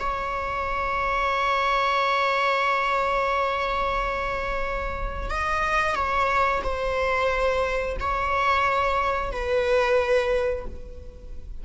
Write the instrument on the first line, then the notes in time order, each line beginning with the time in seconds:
viola
0.00 C#5
5.30 D#5
5.95 C#5
6.64 C5
8.00 C#5
9.32 B4